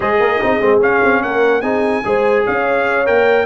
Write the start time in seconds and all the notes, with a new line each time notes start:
0.00 G#3 G#4 C5 D#5
0.20 A#3 A#4
0.41 C4 D#4 G#4
0.61 G#3 C4
0.80 C#4 F5
1.03 C4
1.22 A#3 A#4 F#5
1.61 C4 D#4 G#4 G#5
2.04 G#3 G#4 C5
2.45 C#4 C#5 F5
3.06 A#3 A#4 G5